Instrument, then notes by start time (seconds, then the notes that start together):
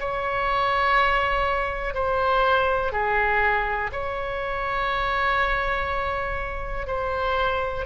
oboe
0.00 C#5
1.94 C5
2.92 G#4
3.92 C#5
6.87 C5